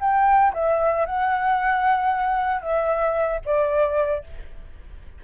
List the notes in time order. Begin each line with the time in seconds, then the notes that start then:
0.00 G5
0.54 E5
1.06 F#5
2.61 E5
3.45 D5